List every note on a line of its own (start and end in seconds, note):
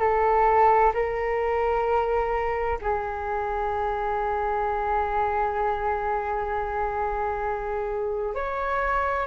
0.00 0.92 A4
0.94 2.79 A#4
2.81 8.35 G#4
8.35 9.26 C#5